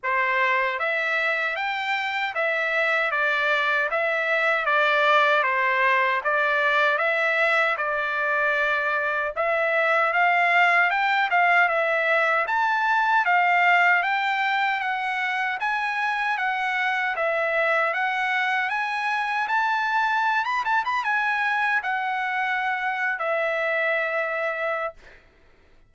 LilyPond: \new Staff \with { instrumentName = "trumpet" } { \time 4/4 \tempo 4 = 77 c''4 e''4 g''4 e''4 | d''4 e''4 d''4 c''4 | d''4 e''4 d''2 | e''4 f''4 g''8 f''8 e''4 |
a''4 f''4 g''4 fis''4 | gis''4 fis''4 e''4 fis''4 | gis''4 a''4~ a''16 b''16 a''16 b''16 gis''4 | fis''4.~ fis''16 e''2~ e''16 | }